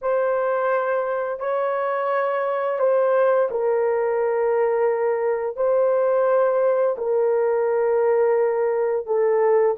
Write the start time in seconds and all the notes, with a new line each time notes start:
0.01 C5
1.39 C#5
2.79 C5
3.50 A#4
5.56 C5
6.97 A#4
9.06 A4